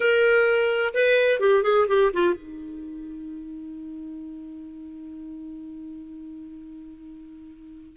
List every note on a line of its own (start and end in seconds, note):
0.00 0.93 A#4
0.94 1.40 B4
1.40 1.63 G4
1.63 1.86 G#4
1.88 2.11 G4
2.13 2.34 F4
2.34 7.96 D#4